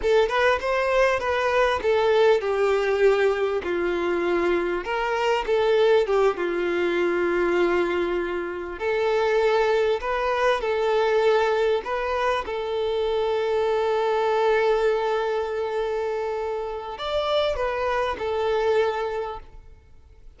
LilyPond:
\new Staff \with { instrumentName = "violin" } { \time 4/4 \tempo 4 = 99 a'8 b'8 c''4 b'4 a'4 | g'2 f'2 | ais'4 a'4 g'8 f'4.~ | f'2~ f'8 a'4.~ |
a'8 b'4 a'2 b'8~ | b'8 a'2.~ a'8~ | a'1 | d''4 b'4 a'2 | }